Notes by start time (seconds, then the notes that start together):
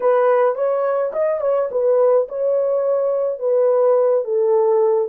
0.00 B4
0.55 C#5
1.12 D#5
1.40 C#5
1.71 B4
2.28 C#5
3.39 B4
4.24 A4